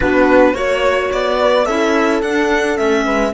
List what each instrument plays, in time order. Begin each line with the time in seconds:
0.00 cello B3, clarinet D4, horn F#4, violin B4
0.52 cello A#3, clarinet F#4, horn C#5, violin C#5
1.12 cello B3, violin D5
1.40 horn B4
1.65 cello C#4, clarinet E4, horn A4, violin E5
2.21 cello D4, clarinet D4, violin F#5
2.76 cello A3, clarinet C#4, violin E5
3.05 cello G#3, horn B4